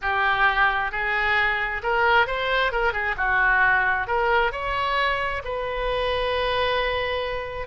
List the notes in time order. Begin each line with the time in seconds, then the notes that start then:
0.01 G4
0.91 G#4
1.83 A#4
2.26 C5
2.72 A#4
2.92 G#4
3.17 F#4
4.07 A#4
4.52 C#5
5.44 B4